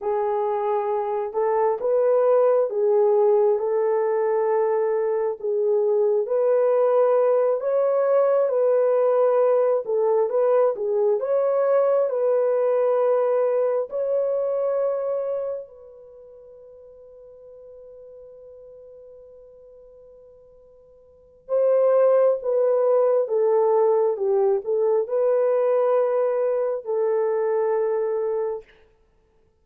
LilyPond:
\new Staff \with { instrumentName = "horn" } { \time 4/4 \tempo 4 = 67 gis'4. a'8 b'4 gis'4 | a'2 gis'4 b'4~ | b'8 cis''4 b'4. a'8 b'8 | gis'8 cis''4 b'2 cis''8~ |
cis''4. b'2~ b'8~ | b'1 | c''4 b'4 a'4 g'8 a'8 | b'2 a'2 | }